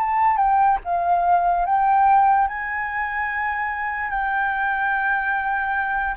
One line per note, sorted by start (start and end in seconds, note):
0.00 0.37 A5
0.37 0.78 G5
0.85 1.66 F5
1.66 2.48 G5
2.48 4.10 G#5
4.10 6.16 G5